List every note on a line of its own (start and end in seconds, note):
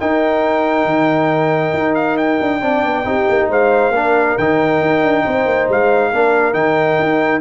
0.00 0.85 D#4
0.00 2.61 D#4
0.00 2.61 A#4
0.00 1.95 G5
0.85 1.72 D#3
1.73 2.39 D#4
1.95 2.17 F5
2.17 3.49 G5
2.41 2.61 D4
2.61 2.83 C4
2.61 3.04 D4
2.61 3.05 D5
2.83 3.05 B3
3.04 3.27 C4
3.04 3.92 D#4
3.04 3.49 G4
3.29 3.49 A#3
3.49 3.91 G#3
3.49 3.93 C5
3.49 4.37 F5
3.91 4.34 A#3
3.91 4.39 D4
3.91 5.24 A#4
4.37 4.81 D#3
4.37 6.14 D#4
4.37 5.69 G5
4.81 5.02 D#4
5.02 5.24 D4
5.24 5.46 C4
5.24 6.10 C5
5.46 5.68 A#3
5.69 6.12 G#3
5.69 6.54 F5
6.10 6.53 A#3
6.10 6.53 D4
6.10 7.41 A#4
6.53 6.97 D#3
6.53 7.40 D#4
6.53 7.41 G5
6.99 7.41 D#4